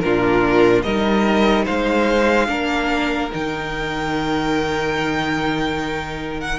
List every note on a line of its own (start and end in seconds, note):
0.00 0.84 A#2
0.00 0.86 D4
0.00 0.84 F4
0.00 0.82 A#4
0.83 1.66 G3
0.83 2.47 D#4
0.83 1.65 A#4
0.83 1.65 D#5
1.65 2.49 G#3
1.65 2.47 C5
1.65 3.30 F5
2.47 3.31 A#3
2.47 3.29 D4
2.47 6.59 A#4
3.32 6.59 D#3
3.32 6.59 D#4
3.32 6.41 G5
6.41 6.59 F#5